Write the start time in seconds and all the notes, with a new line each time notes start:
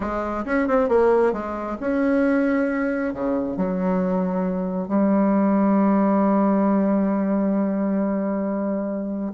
0.00 G#3
0.45 C#4
0.67 C4
0.88 A#3
1.32 G#3
1.80 C#4
3.13 C#3
3.57 F#3
4.87 G3